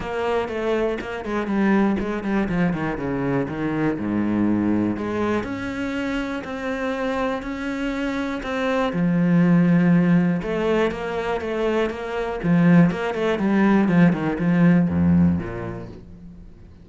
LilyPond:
\new Staff \with { instrumentName = "cello" } { \time 4/4 \tempo 4 = 121 ais4 a4 ais8 gis8 g4 | gis8 g8 f8 dis8 cis4 dis4 | gis,2 gis4 cis'4~ | cis'4 c'2 cis'4~ |
cis'4 c'4 f2~ | f4 a4 ais4 a4 | ais4 f4 ais8 a8 g4 | f8 dis8 f4 f,4 ais,4 | }